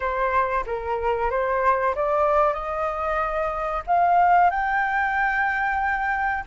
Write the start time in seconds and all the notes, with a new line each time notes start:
0.00 C5
0.66 A#4
1.30 C5
1.95 D5
2.53 D#5
3.87 F5
4.50 G5